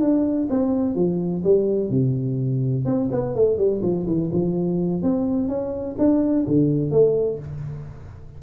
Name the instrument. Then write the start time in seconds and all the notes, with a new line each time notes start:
tuba
0.00 D4
0.50 C4
0.95 F3
1.44 G3
1.90 C3
2.85 C4
3.11 B3
3.35 A3
3.57 G3
3.82 F3
4.06 E3
4.32 F3
5.02 C4
5.48 C#4
5.98 D4
6.47 D3
6.91 A3